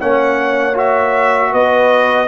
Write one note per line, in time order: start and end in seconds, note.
0.00 1.53 A#3
0.00 0.74 C#4
0.00 1.52 C#5
0.00 0.78 F#5
0.74 2.28 F#4
0.74 1.54 E5
1.52 2.28 B3
1.52 2.28 B4
1.52 2.28 D#5